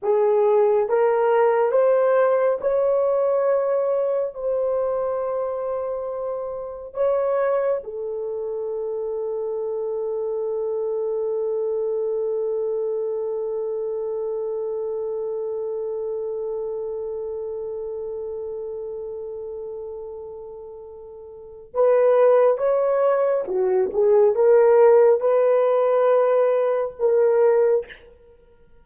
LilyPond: \new Staff \with { instrumentName = "horn" } { \time 4/4 \tempo 4 = 69 gis'4 ais'4 c''4 cis''4~ | cis''4 c''2. | cis''4 a'2.~ | a'1~ |
a'1~ | a'1~ | a'4 b'4 cis''4 fis'8 gis'8 | ais'4 b'2 ais'4 | }